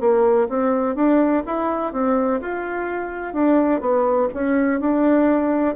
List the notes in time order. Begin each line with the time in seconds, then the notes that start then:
0.00 A#3
0.49 C4
0.95 D4
1.46 E4
1.92 C4
2.41 F4
3.33 D4
3.81 B3
4.34 C#4
4.80 D4